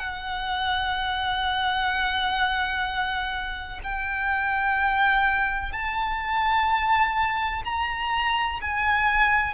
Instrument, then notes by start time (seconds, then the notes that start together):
violin
0.00 F#5
3.84 G5
5.73 A5
7.65 A#5
8.62 G#5